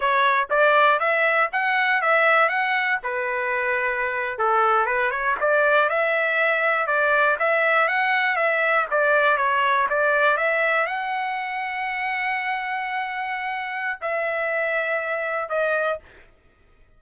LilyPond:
\new Staff \with { instrumentName = "trumpet" } { \time 4/4 \tempo 4 = 120 cis''4 d''4 e''4 fis''4 | e''4 fis''4 b'2~ | b'8. a'4 b'8 cis''8 d''4 e''16~ | e''4.~ e''16 d''4 e''4 fis''16~ |
fis''8. e''4 d''4 cis''4 d''16~ | d''8. e''4 fis''2~ fis''16~ | fis''1 | e''2. dis''4 | }